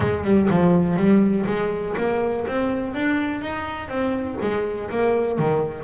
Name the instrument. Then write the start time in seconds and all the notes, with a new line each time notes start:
double bass
0.00 G#3
0.24 G3
0.49 F3
0.96 G3
1.46 G#3
1.97 A#3
2.47 C4
2.94 D4
3.41 D#4
3.88 C4
4.41 G#3
4.90 A#3
5.38 D#3